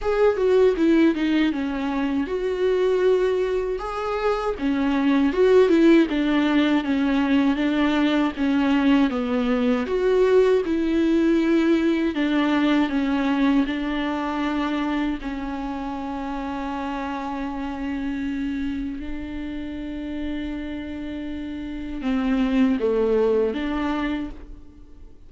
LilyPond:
\new Staff \with { instrumentName = "viola" } { \time 4/4 \tempo 4 = 79 gis'8 fis'8 e'8 dis'8 cis'4 fis'4~ | fis'4 gis'4 cis'4 fis'8 e'8 | d'4 cis'4 d'4 cis'4 | b4 fis'4 e'2 |
d'4 cis'4 d'2 | cis'1~ | cis'4 d'2.~ | d'4 c'4 a4 d'4 | }